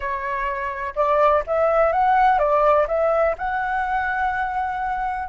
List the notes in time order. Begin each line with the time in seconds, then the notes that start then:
0.00 C#5
0.95 D5
1.46 E5
1.92 F#5
2.38 D5
2.87 E5
3.37 F#5